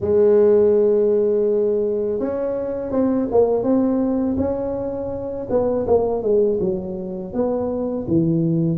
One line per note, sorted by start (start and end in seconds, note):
0.00 2.19 G#3
2.19 2.91 C#4
2.91 3.28 C4
3.31 3.63 A#3
3.63 4.36 C4
4.37 5.47 C#4
5.49 5.86 B3
5.86 6.22 A#3
6.22 6.59 G#3
6.60 7.33 F#3
7.33 8.06 B3
8.07 8.78 E3